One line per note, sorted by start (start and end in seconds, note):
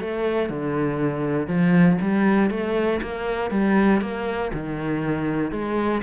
0.00 0.49 A3
0.49 1.47 D3
1.47 1.97 F3
2.01 2.50 G3
2.50 3.00 A3
3.01 3.50 A#3
3.50 4.01 G3
4.01 4.51 A#3
4.53 5.51 D#3
5.51 6.01 G#3